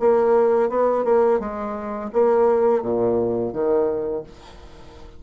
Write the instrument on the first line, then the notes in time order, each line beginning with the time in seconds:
bassoon
0.00 A#3
0.70 B3
1.05 A#3
1.40 G#3
2.13 A#3
2.82 A#2
3.53 D#3